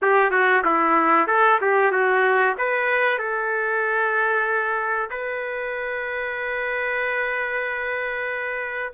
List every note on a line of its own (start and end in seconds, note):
0.02 0.30 G4
0.30 0.62 F#4
0.64 1.27 E4
1.27 1.59 A4
1.61 1.91 G4
1.91 2.55 F#4
2.58 3.18 B4
3.18 5.09 A4
5.10 8.93 B4